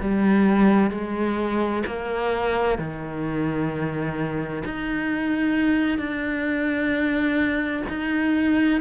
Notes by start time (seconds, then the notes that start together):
0.00 G3
0.91 G#3
1.87 A#3
2.79 D#3
4.65 D#4
5.98 D4
7.89 D#4